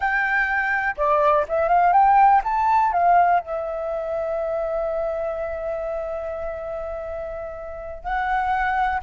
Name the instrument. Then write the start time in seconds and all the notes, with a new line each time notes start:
flute
0.00 G5
0.96 D5
1.48 E5
1.68 F5
1.92 G5
2.44 A5
2.92 F5
3.40 E5
8.03 F#5